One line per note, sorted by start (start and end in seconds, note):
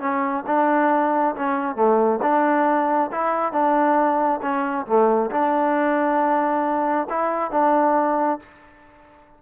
0.00 0.44 C#4
0.47 1.35 D4
1.36 1.76 C#4
1.76 2.20 A3
2.22 3.10 D4
3.12 3.53 E4
3.53 4.41 D4
4.42 4.86 C#4
4.86 5.31 A3
5.31 7.08 D4
7.10 7.52 E4
7.52 8.40 D4